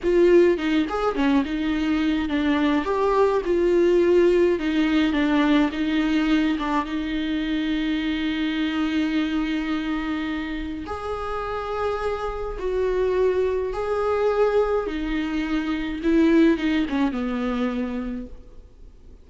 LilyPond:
\new Staff \with { instrumentName = "viola" } { \time 4/4 \tempo 4 = 105 f'4 dis'8 gis'8 cis'8 dis'4. | d'4 g'4 f'2 | dis'4 d'4 dis'4. d'8 | dis'1~ |
dis'2. gis'4~ | gis'2 fis'2 | gis'2 dis'2 | e'4 dis'8 cis'8 b2 | }